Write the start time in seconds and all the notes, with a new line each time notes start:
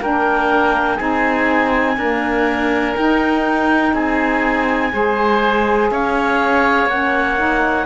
0.00 A#3 D4 A#4 G5
0.96 C4 D#4 G#4 G#5
1.97 A#3 D4 A#4
2.95 D#4 G5
3.93 C4 G#4 G#5
4.92 G#3 G#4 C5
5.91 C#4 C#5 F5
6.86 A#3 C#4 F#5
7.37 D#4